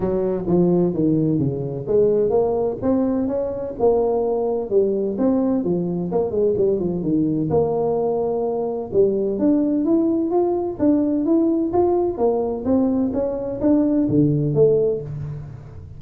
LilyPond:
\new Staff \with { instrumentName = "tuba" } { \time 4/4 \tempo 4 = 128 fis4 f4 dis4 cis4 | gis4 ais4 c'4 cis'4 | ais2 g4 c'4 | f4 ais8 gis8 g8 f8 dis4 |
ais2. g4 | d'4 e'4 f'4 d'4 | e'4 f'4 ais4 c'4 | cis'4 d'4 d4 a4 | }